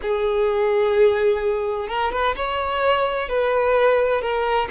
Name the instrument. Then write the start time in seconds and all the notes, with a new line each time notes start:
violin
0.02 G#4
1.88 A#4
2.11 B4
2.36 C#5
3.28 B4
4.21 A#4